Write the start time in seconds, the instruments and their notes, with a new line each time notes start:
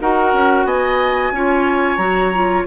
0.00 bassoon D#4, clarinet F#4, oboe A#4, flute F#5
0.33 bassoon C#4
0.64 bassoon B3, oboe D#5, flute G#5
1.31 bassoon C#4, clarinet F4, oboe C#5
1.96 bassoon F#3, clarinet F#4, flute A#5
2.34 clarinet F4